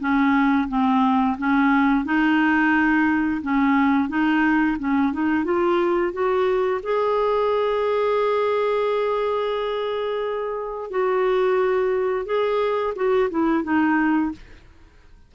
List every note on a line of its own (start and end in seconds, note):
0.00 0.68 C#4
0.68 1.37 C4
1.38 2.05 C#4
2.05 3.41 D#4
3.42 4.09 C#4
4.09 4.77 D#4
4.79 5.13 C#4
5.13 5.44 D#4
5.44 6.12 F4
6.12 6.81 F#4
6.83 10.90 G#4
10.90 12.25 F#4
12.25 12.94 G#4
12.95 13.30 F#4
13.30 13.64 E4
13.64 14.32 D#4